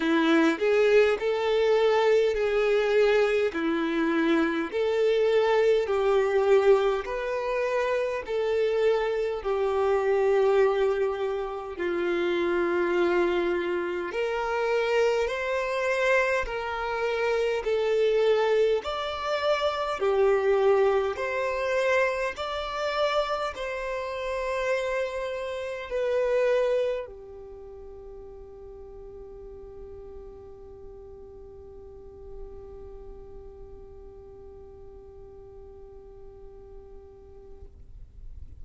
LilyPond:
\new Staff \with { instrumentName = "violin" } { \time 4/4 \tempo 4 = 51 e'8 gis'8 a'4 gis'4 e'4 | a'4 g'4 b'4 a'4 | g'2 f'2 | ais'4 c''4 ais'4 a'4 |
d''4 g'4 c''4 d''4 | c''2 b'4 g'4~ | g'1~ | g'1 | }